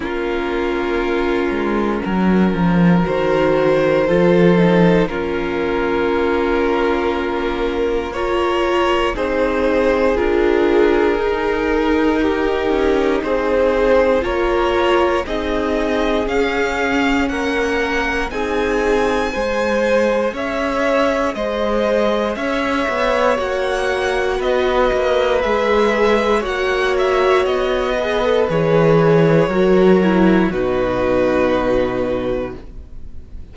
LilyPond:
<<
  \new Staff \with { instrumentName = "violin" } { \time 4/4 \tempo 4 = 59 ais'2. c''4~ | c''4 ais'2. | cis''4 c''4 ais'2~ | ais'4 c''4 cis''4 dis''4 |
f''4 fis''4 gis''2 | e''4 dis''4 e''4 fis''4 | dis''4 e''4 fis''8 e''8 dis''4 | cis''2 b'2 | }
  \new Staff \with { instrumentName = "violin" } { \time 4/4 f'2 ais'2 | a'4 f'2. | ais'4 gis'2. | g'4 gis'4 ais'4 gis'4~ |
gis'4 ais'4 gis'4 c''4 | cis''4 c''4 cis''2 | b'2 cis''4. b'8~ | b'4 ais'4 fis'2 | }
  \new Staff \with { instrumentName = "viola" } { \time 4/4 cis'2. fis'4 | f'8 dis'8 cis'2. | f'4 dis'4 f'4 dis'4~ | dis'2 f'4 dis'4 |
cis'2 dis'4 gis'4~ | gis'2. fis'4~ | fis'4 gis'4 fis'4. gis'16 a'16 | gis'4 fis'8 e'8 dis'2 | }
  \new Staff \with { instrumentName = "cello" } { \time 4/4 ais4. gis8 fis8 f8 dis4 | f4 ais2.~ | ais4 c'4 d'4 dis'4~ | dis'8 cis'8 c'4 ais4 c'4 |
cis'4 ais4 c'4 gis4 | cis'4 gis4 cis'8 b8 ais4 | b8 ais8 gis4 ais4 b4 | e4 fis4 b,2 | }
>>